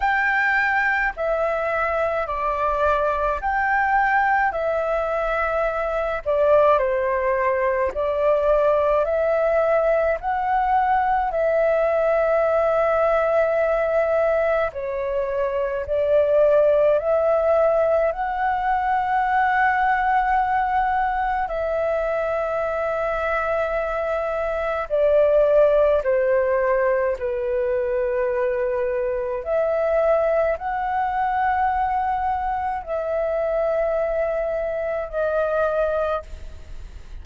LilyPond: \new Staff \with { instrumentName = "flute" } { \time 4/4 \tempo 4 = 53 g''4 e''4 d''4 g''4 | e''4. d''8 c''4 d''4 | e''4 fis''4 e''2~ | e''4 cis''4 d''4 e''4 |
fis''2. e''4~ | e''2 d''4 c''4 | b'2 e''4 fis''4~ | fis''4 e''2 dis''4 | }